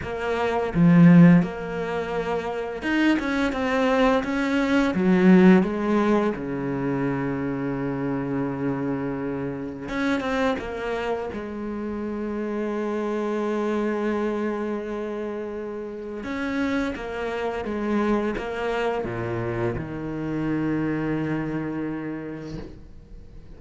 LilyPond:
\new Staff \with { instrumentName = "cello" } { \time 4/4 \tempo 4 = 85 ais4 f4 ais2 | dis'8 cis'8 c'4 cis'4 fis4 | gis4 cis2.~ | cis2 cis'8 c'8 ais4 |
gis1~ | gis2. cis'4 | ais4 gis4 ais4 ais,4 | dis1 | }